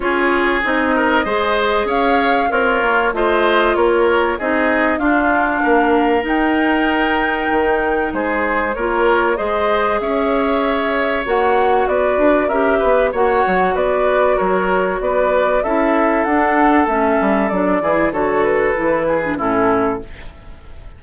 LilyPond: <<
  \new Staff \with { instrumentName = "flute" } { \time 4/4 \tempo 4 = 96 cis''4 dis''2 f''4 | cis''4 dis''4 cis''4 dis''4 | f''2 g''2~ | g''4 c''4 cis''4 dis''4 |
e''2 fis''4 d''4 | e''4 fis''4 d''4 cis''4 | d''4 e''4 fis''4 e''4 | d''4 cis''8 b'4. a'4 | }
  \new Staff \with { instrumentName = "oboe" } { \time 4/4 gis'4. ais'8 c''4 cis''4 | f'4 c''4 ais'4 gis'4 | f'4 ais'2.~ | ais'4 gis'4 ais'4 c''4 |
cis''2. b'4 | ais'8 b'8 cis''4 b'4 ais'4 | b'4 a'2.~ | a'8 gis'8 a'4. gis'8 e'4 | }
  \new Staff \with { instrumentName = "clarinet" } { \time 4/4 f'4 dis'4 gis'2 | ais'4 f'2 dis'4 | d'2 dis'2~ | dis'2 f'4 gis'4~ |
gis'2 fis'2 | g'4 fis'2.~ | fis'4 e'4 d'4 cis'4 | d'8 e'8 fis'4 e'8. d'16 cis'4 | }
  \new Staff \with { instrumentName = "bassoon" } { \time 4/4 cis'4 c'4 gis4 cis'4 | c'8 ais8 a4 ais4 c'4 | d'4 ais4 dis'2 | dis4 gis4 ais4 gis4 |
cis'2 ais4 b8 d'8 | cis'8 b8 ais8 fis8 b4 fis4 | b4 cis'4 d'4 a8 g8 | fis8 e8 d4 e4 a,4 | }
>>